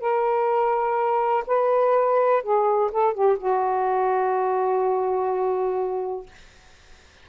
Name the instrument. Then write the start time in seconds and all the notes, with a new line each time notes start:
saxophone
0.00 A#4
1.47 B4
2.43 G#4
2.92 A4
3.13 G4
3.38 F#4